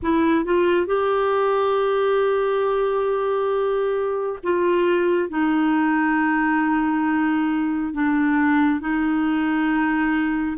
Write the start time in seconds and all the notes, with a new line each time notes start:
0.02 E4
0.44 F4
0.86 G4
4.43 F4
5.29 D#4
7.93 D4
8.80 D#4